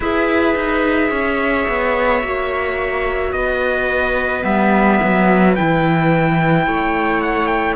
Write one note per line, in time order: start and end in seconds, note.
0.00 0.55 E4
0.00 2.22 G#4
0.00 1.10 B4
0.00 3.32 E5
0.55 1.10 D#4
1.10 1.66 C#4
1.10 3.32 C#5
1.68 2.23 B3
2.22 3.32 A#3
2.22 4.42 F#4
3.32 4.43 B3
3.32 6.67 B4
3.32 4.43 D#5
4.42 4.99 G3
4.42 5.53 B3
4.42 5.55 E5
5.02 5.58 F#3
5.55 6.66 E3
5.55 7.76 E4
5.55 7.21 G5
6.66 7.76 A3
6.66 7.76 C#5
7.21 7.47 F#5
7.47 7.74 G5